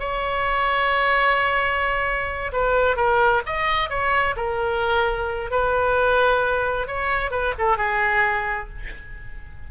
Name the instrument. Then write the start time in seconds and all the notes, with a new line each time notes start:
oboe
0.00 C#5
2.53 B4
2.97 A#4
3.46 D#5
3.90 C#5
4.37 A#4
5.51 B4
6.87 C#5
7.31 B4
7.59 A4
7.77 G#4